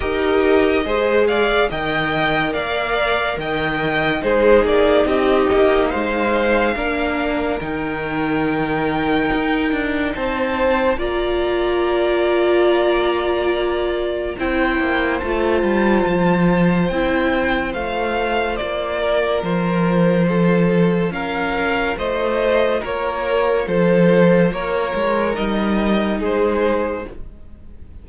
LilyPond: <<
  \new Staff \with { instrumentName = "violin" } { \time 4/4 \tempo 4 = 71 dis''4. f''8 g''4 f''4 | g''4 c''8 d''8 dis''4 f''4~ | f''4 g''2. | a''4 ais''2.~ |
ais''4 g''4 a''2 | g''4 f''4 d''4 c''4~ | c''4 f''4 dis''4 cis''4 | c''4 cis''4 dis''4 c''4 | }
  \new Staff \with { instrumentName = "violin" } { \time 4/4 ais'4 c''8 d''8 dis''4 d''4 | dis''4 gis'4 g'4 c''4 | ais'1 | c''4 d''2.~ |
d''4 c''2.~ | c''2~ c''8 ais'4. | a'4 ais'4 c''4 ais'4 | a'4 ais'2 gis'4 | }
  \new Staff \with { instrumentName = "viola" } { \time 4/4 g'4 gis'4 ais'2~ | ais'4 dis'2. | d'4 dis'2.~ | dis'4 f'2.~ |
f'4 e'4 f'2 | e'4 f'2.~ | f'1~ | f'2 dis'2 | }
  \new Staff \with { instrumentName = "cello" } { \time 4/4 dis'4 gis4 dis4 ais4 | dis4 gis8 ais8 c'8 ais8 gis4 | ais4 dis2 dis'8 d'8 | c'4 ais2.~ |
ais4 c'8 ais8 a8 g8 f4 | c'4 a4 ais4 f4~ | f4 cis'4 a4 ais4 | f4 ais8 gis8 g4 gis4 | }
>>